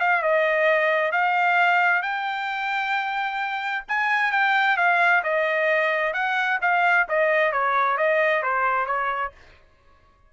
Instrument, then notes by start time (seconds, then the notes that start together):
trumpet
0.00 F5
0.22 D#5
1.12 F5
2.02 G5
3.88 G#5
4.32 G5
4.77 F5
5.23 D#5
6.13 F#5
6.61 F5
7.08 D#5
7.52 C#5
7.98 D#5
8.42 C5
8.86 C#5